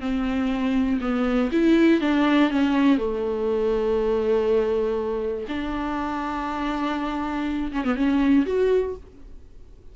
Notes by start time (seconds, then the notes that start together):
0.00 C4
1.01 B3
1.52 E4
2.01 D4
2.50 C#4
2.98 A3
5.48 D4
7.72 C#4
7.84 B3
7.96 C#4
8.46 F#4